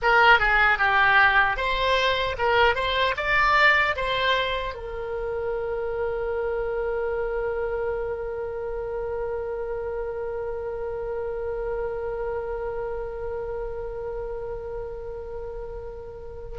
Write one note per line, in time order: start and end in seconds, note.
0.02 0.39 A#4
0.39 0.78 G#4
0.78 1.56 G4
1.56 2.35 C5
2.38 2.75 A#4
2.75 3.14 C5
3.16 3.95 D5
3.96 4.74 C5
4.74 16.58 A#4